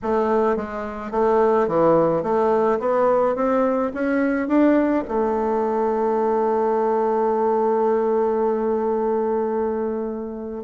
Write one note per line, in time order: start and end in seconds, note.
0.02 0.56 A3
0.56 1.11 G#3
1.11 1.67 A3
1.67 2.23 E3
2.23 2.79 A3
2.79 3.35 B3
3.35 3.91 C4
3.94 4.48 C#4
4.48 5.04 D4
5.07 10.64 A3